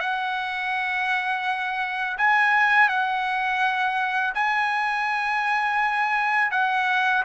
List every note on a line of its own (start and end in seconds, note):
0.00 2.17 F#5
2.17 2.89 G#5
2.89 4.33 F#5
4.34 6.51 G#5
6.51 7.23 F#5